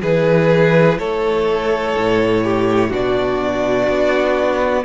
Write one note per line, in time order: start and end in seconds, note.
0.00 0.98 E3
0.00 2.89 E4
0.00 0.98 G#4
0.00 0.99 B4
0.98 1.95 A3
0.98 2.44 A4
0.98 2.92 C#5
1.96 2.91 A2
2.44 2.90 G4
2.89 3.88 B2
2.89 4.83 D4
2.89 4.83 F#4
2.89 4.85 D5
3.88 4.85 B3